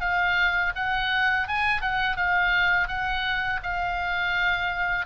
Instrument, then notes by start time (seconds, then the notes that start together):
oboe
0.00 F5
0.75 F#5
1.48 G#5
1.81 F#5
2.16 F5
2.88 F#5
3.63 F5